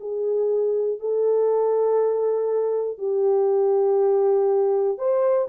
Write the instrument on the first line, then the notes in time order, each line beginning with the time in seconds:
horn
0.00 G#4
1.00 A4
2.99 G4
4.99 C5